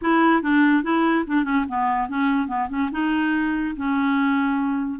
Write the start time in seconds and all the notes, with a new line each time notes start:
0.01 E4
0.42 D4
0.83 E4
1.26 D4
1.44 C#4
1.68 B3
2.09 C#4
2.47 B3
2.69 C#4
2.91 D#4
3.76 C#4